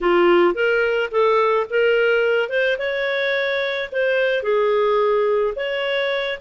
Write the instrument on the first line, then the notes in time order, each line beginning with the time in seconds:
clarinet
0.01 F4
0.54 A#4
1.11 A4
1.69 A#4
2.49 C5
2.78 C#5
3.91 C5
4.43 G#4
5.55 C#5